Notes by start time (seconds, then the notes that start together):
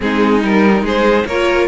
0.00 G#3 C4 D#4 G#4
0.41 G3 D#4 A#4
0.82 G#3 G#4 C5
1.26 A#3 F4 A#4 C#5